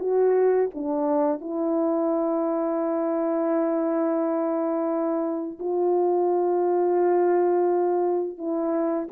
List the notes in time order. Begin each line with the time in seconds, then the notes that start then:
0.00 F#4
0.75 D4
1.41 E4
5.60 F4
8.38 E4